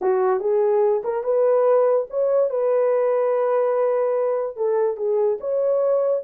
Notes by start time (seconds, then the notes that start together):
0.01 F#4
0.40 G#4
1.03 A#4
1.23 B4
2.10 C#5
2.50 B4
4.56 A4
4.97 G#4
5.40 C#5